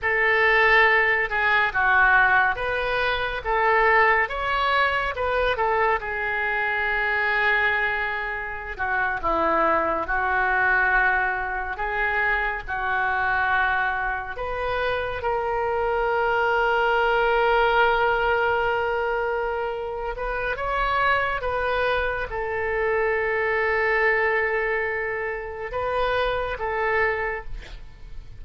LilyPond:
\new Staff \with { instrumentName = "oboe" } { \time 4/4 \tempo 4 = 70 a'4. gis'8 fis'4 b'4 | a'4 cis''4 b'8 a'8 gis'4~ | gis'2~ gis'16 fis'8 e'4 fis'16~ | fis'4.~ fis'16 gis'4 fis'4~ fis'16~ |
fis'8. b'4 ais'2~ ais'16~ | ais'2.~ ais'8 b'8 | cis''4 b'4 a'2~ | a'2 b'4 a'4 | }